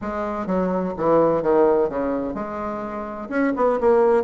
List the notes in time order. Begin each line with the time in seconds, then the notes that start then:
0.01 G#3
0.46 F#3
0.97 E3
1.42 D#3
1.89 C#3
2.34 G#3
3.29 C#4
3.56 B3
3.80 A#3